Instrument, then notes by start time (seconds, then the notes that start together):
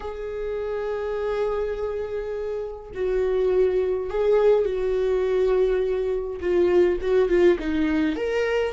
viola
0.00 G#4
2.94 F#4
4.09 G#4
4.65 F#4
6.40 F4
7.01 F#4
7.28 F4
7.59 D#4
8.16 A#4